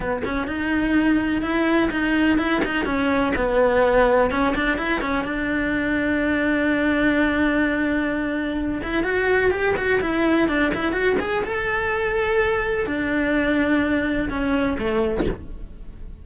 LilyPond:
\new Staff \with { instrumentName = "cello" } { \time 4/4 \tempo 4 = 126 b8 cis'8 dis'2 e'4 | dis'4 e'8 dis'8 cis'4 b4~ | b4 cis'8 d'8 e'8 cis'8 d'4~ | d'1~ |
d'2~ d'8 e'8 fis'4 | g'8 fis'8 e'4 d'8 e'8 fis'8 gis'8 | a'2. d'4~ | d'2 cis'4 a4 | }